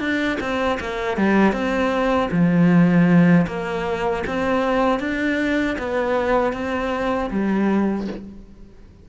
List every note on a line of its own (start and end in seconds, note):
0.00 0.38 D4
0.41 0.79 C4
0.80 1.18 A#3
1.18 1.53 G3
1.53 2.30 C4
2.31 3.47 F3
3.47 4.24 A#3
4.27 5.00 C4
5.00 5.77 D4
5.79 6.53 B3
6.53 7.30 C4
7.31 8.08 G3